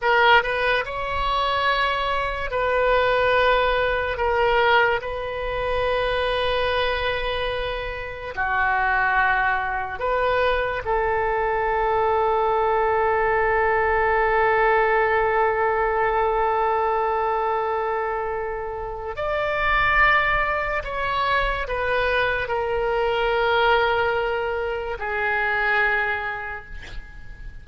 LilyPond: \new Staff \with { instrumentName = "oboe" } { \time 4/4 \tempo 4 = 72 ais'8 b'8 cis''2 b'4~ | b'4 ais'4 b'2~ | b'2 fis'2 | b'4 a'2.~ |
a'1~ | a'2. d''4~ | d''4 cis''4 b'4 ais'4~ | ais'2 gis'2 | }